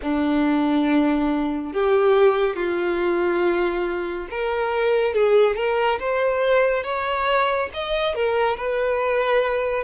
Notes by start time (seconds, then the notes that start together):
0.02 D4
1.73 G4
2.56 F4
4.30 A#4
5.14 G#4
5.56 A#4
5.99 C5
6.83 C#5
7.73 D#5
8.14 A#4
8.56 B4